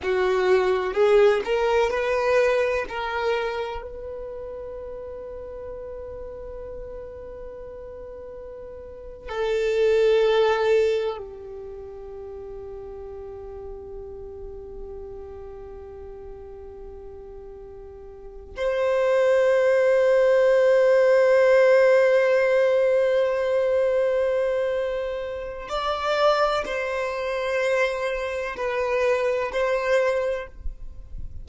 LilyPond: \new Staff \with { instrumentName = "violin" } { \time 4/4 \tempo 4 = 63 fis'4 gis'8 ais'8 b'4 ais'4 | b'1~ | b'4.~ b'16 a'2 g'16~ | g'1~ |
g'2.~ g'8 c''8~ | c''1~ | c''2. d''4 | c''2 b'4 c''4 | }